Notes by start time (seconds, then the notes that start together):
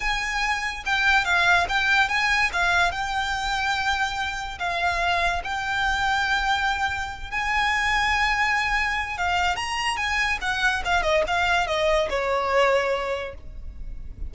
0.00 G#5
0.85 G5
1.24 F5
1.68 G5
2.09 G#5
2.52 F5
2.91 G5
4.58 F5
5.44 G5
7.30 G#5
9.17 F5
9.55 A#5
9.97 G#5
10.41 F#5
10.84 F5
11.02 D#5
11.27 F5
11.67 D#5
12.09 C#5